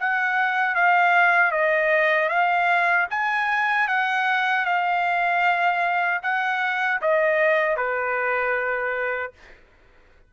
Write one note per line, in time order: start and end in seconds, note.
0.00 0.75 F#5
0.75 1.52 F5
1.52 2.29 D#5
2.29 3.07 F5
3.10 3.88 G#5
3.88 4.65 F#5
4.65 6.21 F5
6.23 7.01 F#5
7.01 7.77 D#5
7.77 9.33 B4